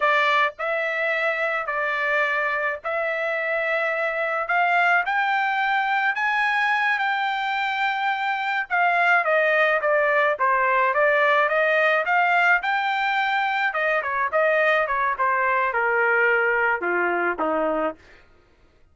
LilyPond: \new Staff \with { instrumentName = "trumpet" } { \time 4/4 \tempo 4 = 107 d''4 e''2 d''4~ | d''4 e''2. | f''4 g''2 gis''4~ | gis''8 g''2. f''8~ |
f''8 dis''4 d''4 c''4 d''8~ | d''8 dis''4 f''4 g''4.~ | g''8 dis''8 cis''8 dis''4 cis''8 c''4 | ais'2 f'4 dis'4 | }